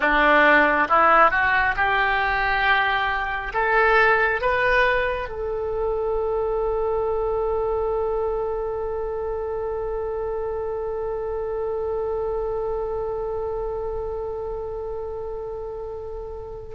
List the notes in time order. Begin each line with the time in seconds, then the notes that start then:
0.00 D4
0.88 E4
1.30 F#4
1.76 G4
3.53 A4
4.41 B4
5.28 A4